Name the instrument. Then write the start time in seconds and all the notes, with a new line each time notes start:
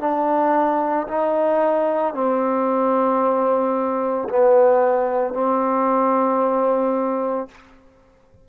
trombone
0.00 D4
1.08 D#4
2.14 C4
4.29 B3
5.34 C4